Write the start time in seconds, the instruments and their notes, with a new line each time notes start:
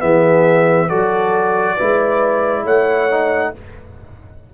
0.00 tuba E3, trombone B3, horn G#4, trumpet E5
0.89 tuba F#3, trombone F#4, horn A4, trumpet D5
1.76 tuba G#3, trombone E4, horn B4
2.64 tuba A3, horn C#5, trumpet F#5
3.10 trombone D#4